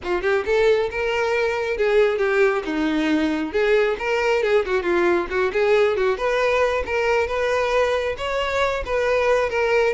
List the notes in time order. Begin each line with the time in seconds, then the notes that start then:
0.03 F4
0.22 G4
0.45 A4
0.90 A#4
1.77 G#4
2.18 G4
2.65 D#4
3.52 G#4
3.98 A#4
4.43 G#4
4.65 F#4
4.82 F4
5.29 F#4
5.52 G#4
5.96 F#4
6.17 B4
6.85 A#4
7.27 B4
8.17 C#5
8.85 B4
9.49 A#4